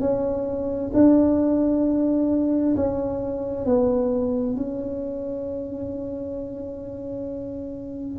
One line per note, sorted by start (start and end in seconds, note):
0.00 0.91 C#4
0.94 2.76 D4
2.76 3.65 C#4
3.65 4.56 B3
4.56 8.19 C#4